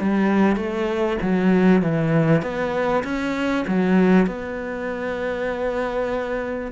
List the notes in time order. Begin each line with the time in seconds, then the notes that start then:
0.00 G3
0.56 A3
1.22 F#3
1.82 E3
2.42 B3
3.04 C#4
3.67 F#3
4.27 B3